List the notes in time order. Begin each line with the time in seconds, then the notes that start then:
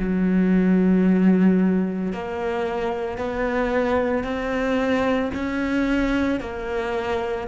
0.00 F#3
2.13 A#3
3.19 B3
4.24 C4
5.35 C#4
6.40 A#3